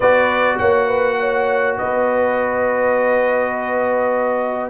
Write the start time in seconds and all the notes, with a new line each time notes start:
0.00 B3 F#4 B4 D5
0.58 A#3 C#5 F#5
0.87 B4
1.19 C#5
1.77 B3 B4 D#5